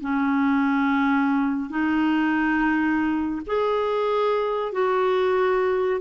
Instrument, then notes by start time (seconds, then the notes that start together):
clarinet
0.00 C#4
1.69 D#4
3.46 G#4
4.72 F#4